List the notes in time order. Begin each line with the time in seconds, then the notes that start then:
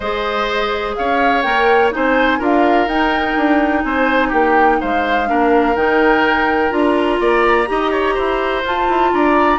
0.00 G#3 G#4 C5 D#5
0.95 C#4 C#5 F5
1.42 A#3 A#4 G5
1.91 C4 D#4 C5 G#5
2.39 D4 F4 A#4 F5
2.86 D#4 G5
3.36 D4
3.82 C4 C5 G#5
4.28 A#3 G4 G5
4.80 G#3 C5 F5
5.26 A#3 D4 A#4
5.75 D#3 D#4 G5
6.70 D4 F4 A#5
7.20 A#3 D5
7.66 D#4 G4 D#5
7.91 C#5
8.14 E4 C5
8.63 F4 A5
8.88 E4
9.12 D4 D5 A#5